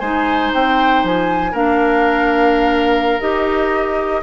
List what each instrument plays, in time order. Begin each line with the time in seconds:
0.00 bassoon G#3, clarinet D#4, oboe C5, flute G#5
0.54 bassoon C4, flute G5
1.04 bassoon F3, flute G#5
1.52 bassoon A#3, clarinet D4, oboe A#4, flute F5
3.21 bassoon D#4, clarinet G4, flute D#5